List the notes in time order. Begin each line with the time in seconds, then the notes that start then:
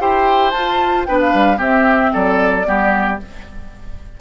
0.00 E4 G4 C5 G5
0.51 F4 A5
1.06 B3 D4 B4 G5
1.21 F5
1.34 G3
1.56 C4 G4 E5
2.14 F#3 A4 D5
2.65 G3 B3 G4